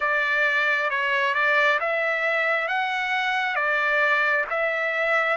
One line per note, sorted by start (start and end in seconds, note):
0.00 0.90 D5
0.90 1.34 C#5
1.34 1.79 D5
1.80 2.68 E5
2.68 3.55 F#5
3.55 4.45 D5
4.49 5.36 E5